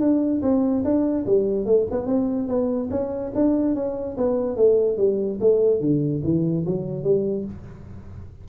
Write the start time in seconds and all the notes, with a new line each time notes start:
0.00 D4
0.42 C4
0.84 D4
1.26 G3
1.66 A3
1.91 B3
2.07 C4
2.48 B3
2.90 C#4
3.35 D4
3.75 C#4
4.17 B3
4.56 A3
4.97 G3
5.41 A3
5.80 D3
6.24 E3
6.66 F#3
7.03 G3